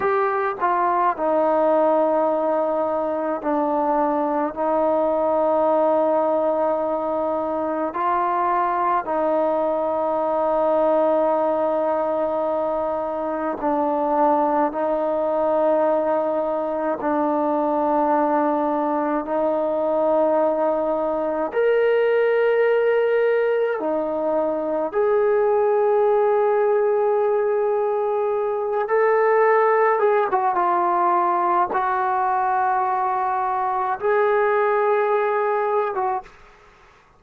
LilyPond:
\new Staff \with { instrumentName = "trombone" } { \time 4/4 \tempo 4 = 53 g'8 f'8 dis'2 d'4 | dis'2. f'4 | dis'1 | d'4 dis'2 d'4~ |
d'4 dis'2 ais'4~ | ais'4 dis'4 gis'2~ | gis'4. a'4 gis'16 fis'16 f'4 | fis'2 gis'4.~ gis'16 fis'16 | }